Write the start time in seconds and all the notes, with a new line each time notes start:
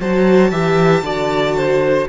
0.00 F#3 F#4 C5 A5
0.51 E3 G4 E5
1.02 D3 F#4 D5
1.56 C5